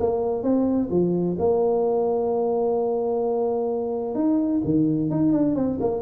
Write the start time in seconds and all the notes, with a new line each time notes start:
0.00 A#3
0.43 C4
0.90 F3
1.39 A#3
4.15 D#4
4.64 D#3
5.11 D#4
5.32 D4
5.55 C4
5.80 A#3